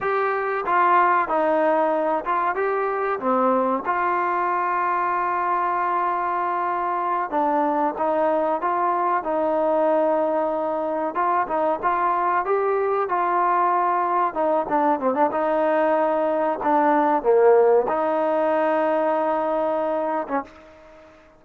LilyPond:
\new Staff \with { instrumentName = "trombone" } { \time 4/4 \tempo 4 = 94 g'4 f'4 dis'4. f'8 | g'4 c'4 f'2~ | f'2.~ f'8 d'8~ | d'8 dis'4 f'4 dis'4.~ |
dis'4. f'8 dis'8 f'4 g'8~ | g'8 f'2 dis'8 d'8 c'16 d'16 | dis'2 d'4 ais4 | dis'2.~ dis'8. cis'16 | }